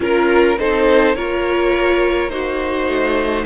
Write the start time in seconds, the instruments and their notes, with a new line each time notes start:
0.00 cello C#4, viola F4, violin A#4
0.58 cello C4, viola D#4, violin A4 C5
1.15 cello A#3, viola F4, violin A#4 C#5
2.29 viola D#4, violin F#4 C5
2.86 cello A3